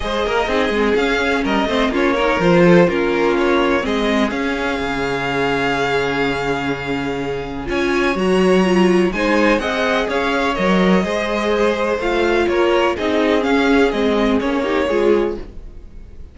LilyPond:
<<
  \new Staff \with { instrumentName = "violin" } { \time 4/4 \tempo 4 = 125 dis''2 f''4 dis''4 | cis''4 c''4 ais'4 cis''4 | dis''4 f''2.~ | f''1 |
gis''4 ais''2 gis''4 | fis''4 f''4 dis''2~ | dis''4 f''4 cis''4 dis''4 | f''4 dis''4 cis''2 | }
  \new Staff \with { instrumentName = "violin" } { \time 4/4 c''8 ais'8 gis'2 ais'8 c''8 | f'8 ais'4 a'8 f'2 | gis'1~ | gis'1 |
cis''2. c''4 | dis''4 cis''2 c''4~ | c''2 ais'4 gis'4~ | gis'2~ gis'8 g'8 gis'4 | }
  \new Staff \with { instrumentName = "viola" } { \time 4/4 gis'4 dis'8 c'8 cis'4. c'8 | cis'8 dis'8 f'4 cis'2 | c'4 cis'2.~ | cis'1 |
f'4 fis'4 f'4 dis'4 | gis'2 ais'4 gis'4~ | gis'4 f'2 dis'4 | cis'4 c'4 cis'8 dis'8 f'4 | }
  \new Staff \with { instrumentName = "cello" } { \time 4/4 gis8 ais8 c'8 gis8 cis'4 g8 a8 | ais4 f4 ais2 | gis4 cis'4 cis2~ | cis1 |
cis'4 fis2 gis4 | c'4 cis'4 fis4 gis4~ | gis4 a4 ais4 c'4 | cis'4 gis4 ais4 gis4 | }
>>